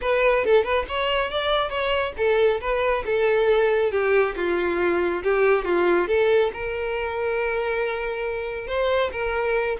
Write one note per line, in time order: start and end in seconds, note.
0.01 0.44 B4
0.44 0.63 A4
0.63 0.85 B4
0.88 1.30 C#5
1.30 1.69 D5
1.69 2.13 C#5
2.17 2.60 A4
2.60 3.04 B4
3.05 3.91 A4
3.91 4.35 G4
4.36 5.23 F4
5.23 5.64 G4
5.64 6.07 F4
6.07 6.51 A4
6.53 8.67 A#4
8.67 9.10 C5
9.12 9.77 A#4